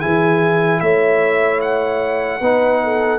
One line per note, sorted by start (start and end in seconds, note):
0.00 0.82 E3
0.00 2.41 E4
0.00 0.80 G#4
0.00 0.81 G#5
0.81 2.41 A3
0.81 2.41 C#5
0.81 1.61 E5
1.62 3.19 F#5
2.41 3.19 B3
2.41 3.19 D#4
2.41 2.81 B4
2.84 3.19 A4